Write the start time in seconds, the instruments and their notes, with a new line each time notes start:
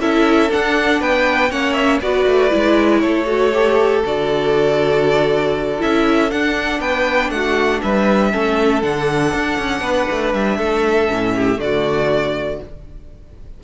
0.00 cello C#4, viola E4, violin A4 E5
0.49 viola D4, cello D4, violin F#5
1.01 cello B3, violin B4 G5
1.51 cello A#3, viola C#4, violin C#5 F#5
1.74 violin E5
2.02 cello B3, viola F#4, violin B4 D5
2.27 cello A3
2.50 cello G#3, viola E4
3.00 cello A3, violin A4 C#5
3.26 viola F#4
3.54 viola G4
4.05 cello D3, viola F#4, violin D5
5.79 cello C#4, viola E4, violin E5
6.31 viola D4, cello D4, violin F#5
6.81 cello B3, violin B4 G5
7.30 cello A3, violin F#4 F#5
7.82 cello G3, violin B4 E5
8.32 cello A3, viola C#4, violin A4
8.83 cello D3, viola D4, violin F#5
9.35 cello D4
9.59 cello C#4
9.81 cello B3, violin B4
10.11 cello A3
10.34 cello G3, violin E5
10.58 cello A3, violin A4
11.09 cello A2, viola C#4
11.36 violin G4
11.57 cello D3, viola A3, violin D5
11.63 violin F#4